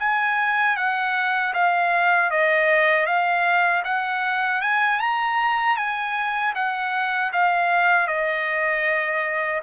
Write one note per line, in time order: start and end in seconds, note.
0.00 0.77 G#5
0.77 1.54 F#5
1.54 2.31 F5
2.31 3.06 D#5
3.06 3.83 F5
3.85 4.62 F#5
4.62 5.00 G#5
5.00 5.77 A#5
5.77 6.54 G#5
6.55 7.32 F#5
7.33 8.08 F5
8.08 9.62 D#5